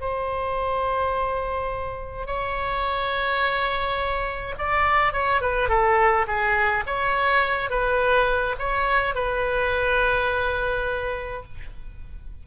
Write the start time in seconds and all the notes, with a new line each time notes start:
0.00 C5
2.26 C#5
4.58 D5
5.13 C#5
5.41 B4
5.69 A4
6.27 G#4
6.86 C#5
7.70 B4
8.59 C#5
9.15 B4